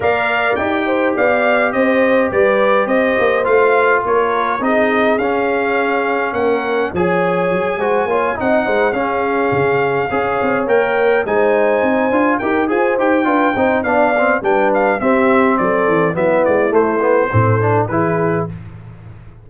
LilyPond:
<<
  \new Staff \with { instrumentName = "trumpet" } { \time 4/4 \tempo 4 = 104 f''4 g''4 f''4 dis''4 | d''4 dis''4 f''4 cis''4 | dis''4 f''2 fis''4 | gis''2~ gis''8 fis''4 f''8~ |
f''2~ f''8 g''4 gis''8~ | gis''4. g''8 gis''8 g''4. | f''4 g''8 f''8 e''4 d''4 | e''8 d''8 c''2 b'4 | }
  \new Staff \with { instrumentName = "horn" } { \time 4/4 d''4. c''8 d''4 c''4 | b'4 c''2 ais'4 | gis'2. ais'4 | cis''4. c''8 cis''8 dis''8 c''8 gis'8~ |
gis'4. cis''2 c''8~ | c''4. ais'8 c''4 b'8 c''8 | d''4 b'4 g'4 a'4 | e'2 a'4 gis'4 | }
  \new Staff \with { instrumentName = "trombone" } { \time 4/4 ais'4 g'2.~ | g'2 f'2 | dis'4 cis'2. | gis'4. fis'8 f'8 dis'4 cis'8~ |
cis'4. gis'4 ais'4 dis'8~ | dis'4 f'8 g'8 gis'8 g'8 f'8 dis'8 | d'8 c'8 d'4 c'2 | b4 a8 b8 c'8 d'8 e'4 | }
  \new Staff \with { instrumentName = "tuba" } { \time 4/4 ais4 dis'4 b4 c'4 | g4 c'8 ais8 a4 ais4 | c'4 cis'2 ais4 | f4 fis8 gis8 ais8 c'8 gis8 cis'8~ |
cis'8 cis4 cis'8 c'8 ais4 gis8~ | gis8 c'8 d'8 dis'8 f'8 dis'8 d'8 c'8 | b4 g4 c'4 fis8 e8 | fis8 gis8 a4 a,4 e4 | }
>>